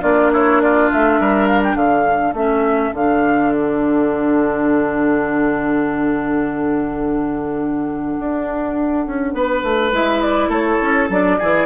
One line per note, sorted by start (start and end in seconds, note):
0.00 0.90 A#3
0.00 2.33 D4
0.00 0.31 F4
0.00 0.31 D5
0.33 0.62 E4
0.33 0.61 C#5
0.61 1.20 F4
0.61 0.91 D5
0.92 1.19 A3
0.92 1.47 E5
1.19 1.75 G3
1.19 1.76 A#4
1.47 1.61 F5
1.63 1.76 G5
1.75 2.33 D3
1.75 9.34 A4
1.75 2.34 F5
2.33 2.91 A3
2.33 2.94 C#4
2.33 2.94 E5
2.93 8.17 D3
2.93 9.93 D4
2.93 3.52 F5
3.52 9.93 F#5
8.19 9.06 D4
9.06 9.33 C#4
9.33 9.62 B3
9.33 10.49 B4
9.63 9.92 A3
9.92 10.48 G#3
9.92 11.09 E4
9.92 10.21 E5
10.21 10.51 D5
10.48 10.77 A3
10.48 11.36 A4
10.48 11.10 C#5
10.81 11.09 C#4
11.09 11.38 F#3
11.09 11.39 D4
11.09 11.66 D5
11.38 11.66 E3
11.38 11.66 E4
11.38 11.66 G#4